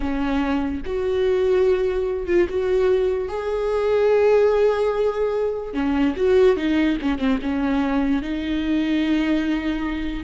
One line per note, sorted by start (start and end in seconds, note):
0.00 0.81 C#4
0.85 2.26 F#4
2.26 2.47 F4
2.49 3.28 F#4
3.28 5.73 G#4
5.73 6.14 C#4
6.16 6.56 F#4
6.56 6.97 D#4
7.01 7.18 C#4
7.18 7.39 C4
7.42 8.22 C#4
8.22 10.24 D#4